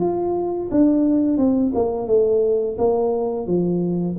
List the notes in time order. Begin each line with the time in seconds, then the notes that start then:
0.00 F4
0.72 D4
1.38 C4
1.75 A#3
2.07 A3
2.78 A#3
3.47 F3